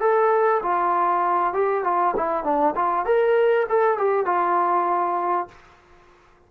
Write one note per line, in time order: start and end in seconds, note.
0.00 0.61 A4
0.62 1.53 F4
1.53 1.84 G4
1.84 2.14 F4
2.16 2.44 E4
2.44 2.74 D4
2.75 3.05 F4
3.05 3.67 A#4
3.69 3.98 A4
3.98 4.26 G4
4.26 5.48 F4